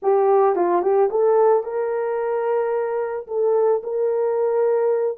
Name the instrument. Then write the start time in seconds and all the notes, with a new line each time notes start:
horn
0.02 G4
0.55 F4
0.82 G4
1.10 A4
1.63 A#4
3.27 A4
3.83 A#4